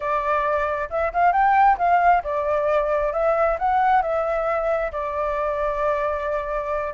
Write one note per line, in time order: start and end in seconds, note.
0.00 0.89 D5
0.90 1.12 E5
1.13 1.32 F5
1.32 1.77 G5
1.78 2.22 F5
2.23 3.13 D5
3.13 3.57 E5
3.58 4.02 F#5
4.02 4.91 E5
4.92 6.93 D5